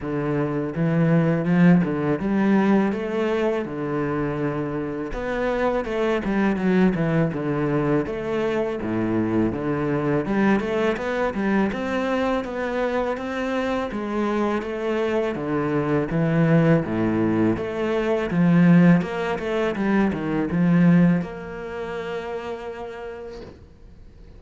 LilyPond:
\new Staff \with { instrumentName = "cello" } { \time 4/4 \tempo 4 = 82 d4 e4 f8 d8 g4 | a4 d2 b4 | a8 g8 fis8 e8 d4 a4 | a,4 d4 g8 a8 b8 g8 |
c'4 b4 c'4 gis4 | a4 d4 e4 a,4 | a4 f4 ais8 a8 g8 dis8 | f4 ais2. | }